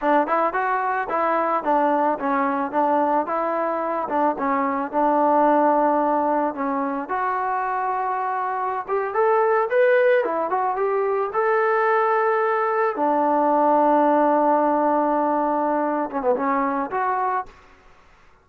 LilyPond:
\new Staff \with { instrumentName = "trombone" } { \time 4/4 \tempo 4 = 110 d'8 e'8 fis'4 e'4 d'4 | cis'4 d'4 e'4. d'8 | cis'4 d'2. | cis'4 fis'2.~ |
fis'16 g'8 a'4 b'4 e'8 fis'8 g'16~ | g'8. a'2. d'16~ | d'1~ | d'4. cis'16 b16 cis'4 fis'4 | }